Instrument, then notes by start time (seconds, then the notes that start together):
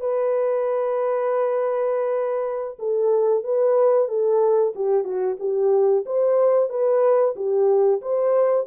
horn
0.00 B4
2.79 A4
3.44 B4
4.08 A4
4.75 G4
5.04 F#4
5.40 G4
6.06 C5
6.70 B4
7.36 G4
8.02 C5